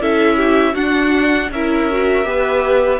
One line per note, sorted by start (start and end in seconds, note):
0.00 0.75 C#4
0.00 0.75 E4
0.00 0.37 A4
0.00 0.75 E5
0.37 0.74 G4
0.74 1.50 D4
0.74 1.51 D4
0.74 1.49 F#4
0.74 1.50 F#5
1.51 2.25 C#4
1.51 1.91 E4
1.51 2.29 A#4
1.51 3.00 E5
1.91 2.24 F#4
2.24 3.00 B3
2.24 2.99 G4
2.24 3.00 B4